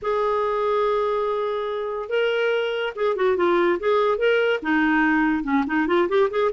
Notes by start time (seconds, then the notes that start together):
0.02 G#4
2.09 A#4
2.95 G#4
3.15 F#4
3.36 F4
3.79 G#4
4.17 A#4
4.62 D#4
5.43 C#4
5.66 D#4
5.87 F4
6.08 G4
6.30 G#4